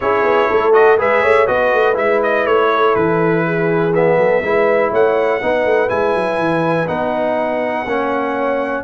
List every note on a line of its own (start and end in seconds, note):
0.00 0.23 C#4
0.00 0.72 E4
0.00 0.48 G#4
0.00 0.73 C#5
0.23 0.48 B3
0.48 1.00 A3
0.48 0.97 A4
0.72 0.97 F#4
0.72 0.97 D#5
0.97 1.23 G#3
0.97 1.47 G#4
0.97 1.22 B4
0.97 1.47 E5
1.22 1.48 A3
1.22 1.46 C#5
1.46 1.73 B3
1.46 1.94 F#4
1.46 2.69 B4
1.46 1.96 D#5
1.73 1.96 A3
1.94 2.45 G#3
1.94 3.91 E4
1.94 2.21 E5
2.22 2.46 D#5
2.45 2.94 A3
2.45 2.95 C#5
2.73 3.45 A4
2.95 4.17 E3
2.95 3.93 B4
3.45 4.18 G#4
3.94 4.43 B3
3.94 4.92 E5
4.17 4.41 F#3
4.17 4.42 A4
4.42 4.91 G#3
4.42 5.41 E4
4.42 4.90 B4
4.90 5.41 A3
4.90 5.40 C#5
4.90 5.89 F#5
5.41 5.65 B3
5.41 5.88 D#4
5.41 7.85 B4
5.65 5.90 A3
5.88 6.14 G#3
5.88 6.86 E4
5.88 6.87 G#5
6.14 6.38 F#3
6.38 6.87 E3
6.87 7.85 B3
6.87 7.86 D#4
6.87 8.84 F#5
7.85 8.84 A#3
7.85 8.84 C#4
7.85 8.84 C#5